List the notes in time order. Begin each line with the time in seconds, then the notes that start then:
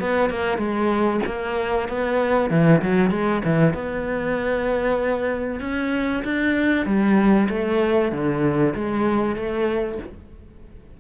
0.00 B3
0.30 A#3
0.58 G#3
1.26 A#3
1.89 B3
2.50 E3
2.82 F#3
3.11 G#3
3.45 E3
3.74 B3
5.60 C#4
6.24 D4
6.86 G3
7.49 A3
8.12 D3
8.75 G#3
9.36 A3